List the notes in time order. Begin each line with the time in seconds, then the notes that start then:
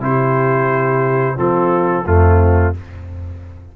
0.00 C3 E4 G4 C5
1.36 F3 C4 F4 A4
2.06 F2 A3 C4 F4